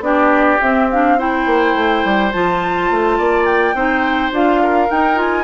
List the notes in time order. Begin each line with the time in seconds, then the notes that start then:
0.00 B3 D4 G4 D5
0.61 C4 E5
0.91 D4 F5
1.18 E4 C5 G5
1.46 A#3
1.74 A3
2.04 G3
2.32 F3 F4 A5
2.90 A3
3.18 A#3 D5
3.45 G5
3.74 C4 D#4 C5
4.31 D4 F4 F5
4.62 A#4
4.89 D#4 G5
5.15 F4 G#5